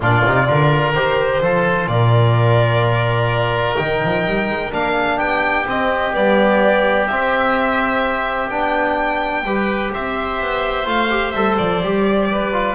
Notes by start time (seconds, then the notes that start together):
0.00 A#2 D4 F4 D5
0.25 C3 D#4
0.46 D3 F4 A#4
0.93 D#3 G4 C5
1.41 F3 F4 A4
1.87 A#2 A#4 D5
3.76 D#3 D#4 G5
4.03 F3
4.26 G3
4.48 G#3
4.71 A#3 D4 F5
4.94 G#4
5.15 B3 G4 G5
5.66 C4 D#5
6.12 G3 B3 D5
7.07 C4 E5
8.49 B3 D4 G5
9.43 G3 G4 B4
9.92 C4 C5 E5
10.41 B3
10.85 A3 F4 F5
11.10 G4
11.31 G3 A4 E5
11.57 F3 D5
11.82 G3 G4
12.31 B4
12.52 F4